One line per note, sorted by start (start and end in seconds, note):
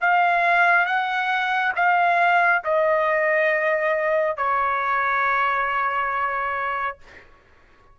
0.00 0.85 F5
0.85 1.72 F#5
1.75 2.62 F5
2.64 4.37 D#5
4.37 6.98 C#5